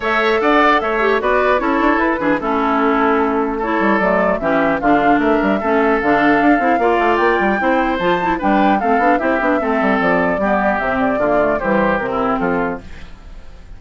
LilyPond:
<<
  \new Staff \with { instrumentName = "flute" } { \time 4/4 \tempo 4 = 150 e''4 fis''4 e''4 d''4 | cis''4 b'4 a'2~ | a'4 cis''4 d''4 e''4 | f''4 e''2 f''4~ |
f''2 g''2 | a''4 g''4 f''4 e''4~ | e''4 d''2 e''8 d''8~ | d''4 c''4 ais'4 a'4 | }
  \new Staff \with { instrumentName = "oboe" } { \time 4/4 cis''4 d''4 cis''4 b'4 | a'4. gis'8 e'2~ | e'4 a'2 g'4 | f'4 ais'4 a'2~ |
a'4 d''2 c''4~ | c''4 b'4 a'4 g'4 | a'2 g'2 | f'4 g'4~ g'16 e'8. f'4 | }
  \new Staff \with { instrumentName = "clarinet" } { \time 4/4 a'2~ a'8 g'8 fis'4 | e'4. d'8 cis'2~ | cis'4 e'4 a4 cis'4 | d'2 cis'4 d'4~ |
d'8 e'8 f'2 e'4 | f'8 e'8 d'4 c'8 d'8 e'8 d'8 | c'2 b4 c'4 | ais8 a8 g4 c'2 | }
  \new Staff \with { instrumentName = "bassoon" } { \time 4/4 a4 d'4 a4 b4 | cis'8 d'8 e'8 e8 a2~ | a4. g8 fis4 e4 | d4 a8 g8 a4 d4 |
d'8 c'8 ais8 a8 ais8 g8 c'4 | f4 g4 a8 b8 c'8 b8 | a8 g8 f4 g4 c4 | d4 e4 c4 f4 | }
>>